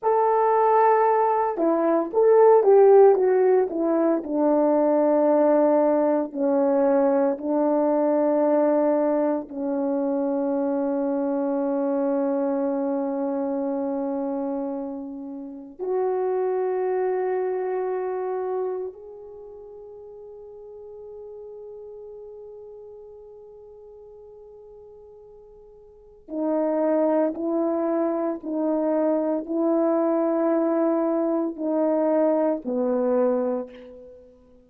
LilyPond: \new Staff \with { instrumentName = "horn" } { \time 4/4 \tempo 4 = 57 a'4. e'8 a'8 g'8 fis'8 e'8 | d'2 cis'4 d'4~ | d'4 cis'2.~ | cis'2. fis'4~ |
fis'2 gis'2~ | gis'1~ | gis'4 dis'4 e'4 dis'4 | e'2 dis'4 b4 | }